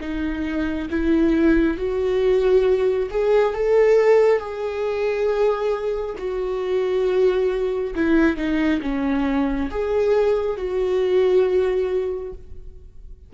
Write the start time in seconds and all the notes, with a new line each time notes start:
0.00 D#4
0.90 E4
1.77 F#4
3.10 G#4
3.54 A4
4.39 G#4
6.17 F#4
7.95 E4
8.36 D#4
8.81 C#4
9.70 G#4
10.56 F#4